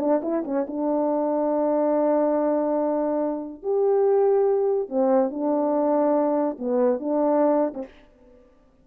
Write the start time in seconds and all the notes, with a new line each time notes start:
0.00 D4
0.22 E4
0.45 C#4
0.67 D4
3.63 G4
4.89 C4
5.30 D4
6.59 B3
6.99 D4
7.74 C4